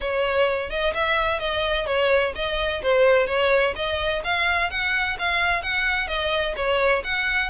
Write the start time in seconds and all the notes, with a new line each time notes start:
0.00 C#5
0.70 D#5
0.94 E5
1.39 D#5
1.86 C#5
2.35 D#5
2.82 C5
3.27 C#5
3.75 D#5
4.24 F5
4.70 F#5
5.18 F5
5.62 F#5
6.07 D#5
6.56 C#5
7.04 F#5